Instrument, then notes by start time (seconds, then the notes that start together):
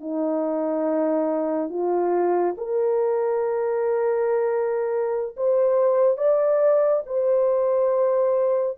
horn
0.00 D#4
1.69 F4
2.57 A#4
5.36 C5
6.17 D5
7.06 C5